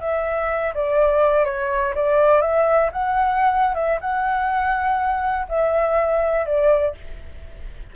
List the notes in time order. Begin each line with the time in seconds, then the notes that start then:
0.00 E5
0.74 D5
1.45 C#5
1.94 D5
2.41 E5
2.92 F#5
3.74 E5
4.00 F#5
5.48 E5
6.45 D5